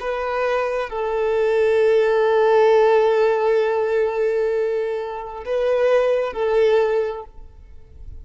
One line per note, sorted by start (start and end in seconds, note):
0.00 0.89 B4
0.89 5.44 A4
5.45 6.33 B4
6.33 7.24 A4